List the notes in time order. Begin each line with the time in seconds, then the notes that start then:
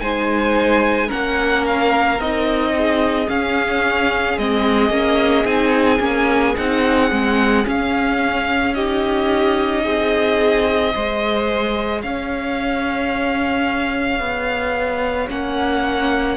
0.00 G#3 D#4 C5 G#5
1.07 C#4 A#4 F#5
1.13 A#3
1.67 F5
2.19 C4 D#4 D#5
2.77 G#4
3.27 C#4 F5
4.37 G#3 C4 D#5
4.90 A#3 C#4
5.45 C4 D#4 G#5
5.99 A#3 C#4
6.57 C4 D#4 F#5
7.11 G#3 C4
7.65 C#4 F5
8.74 D#4 G4 D#5
9.84 C4 G#4
10.94 G#3 G#4 C5
12.02 C#4 C#5 F5
14.20 B3
15.28 A#3 C#4 F#5